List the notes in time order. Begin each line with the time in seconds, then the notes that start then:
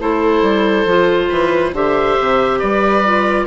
0.00 A3 E4 A4 C5
0.43 G3
0.86 F3 F4
1.30 E3 B4
1.73 D3 G4 C5 E5
2.20 C3
2.60 G3 B4 D5
3.05 F4